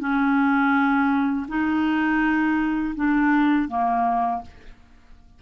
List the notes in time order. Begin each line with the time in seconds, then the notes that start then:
0.00 C#4
1.48 D#4
2.95 D4
3.69 A#3